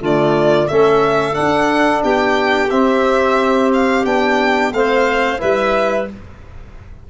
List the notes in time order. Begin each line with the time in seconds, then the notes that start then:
0.00 D3 A3 F4 D5
0.68 A3 C#4 A4 E5
1.33 D4 F#5
2.03 B3 G4 G5
2.70 C4 E5
3.73 F5
4.04 B3 D4 G5
4.72 A3 C4 C5 F5
5.38 G3 E4 B4 E5